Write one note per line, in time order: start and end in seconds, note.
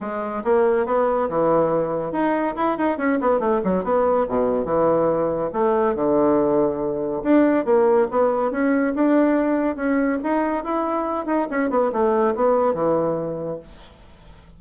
0.00 0.43 G#3
0.44 0.86 A#3
0.86 1.28 B3
1.29 2.12 E3
2.12 2.54 D#4
2.56 2.77 E4
2.77 2.97 D#4
2.97 3.18 C#4
3.20 3.39 B3
3.39 3.61 A3
3.63 3.84 F#3
3.84 4.26 B3
4.28 4.65 B2
4.65 5.50 E3
5.53 5.95 A3
5.95 7.22 D3
7.23 7.65 D4
7.65 8.07 A#3
8.10 8.51 B3
8.51 8.94 C#4
8.95 9.76 D4
9.76 10.18 C#4
10.23 10.63 D#4
10.63 11.26 E4
11.26 11.47 D#4
11.50 11.70 C#4
11.70 11.91 B3
11.92 12.35 A3
12.35 12.74 B3
12.74 13.59 E3